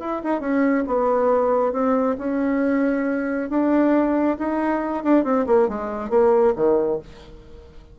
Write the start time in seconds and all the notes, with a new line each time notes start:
0.00 E4
0.24 D#4
0.41 C#4
0.87 B3
1.73 C4
2.18 C#4
3.50 D4
4.39 D#4
5.04 D4
5.24 C4
5.47 A#3
5.69 G#3
6.10 A#3
6.56 D#3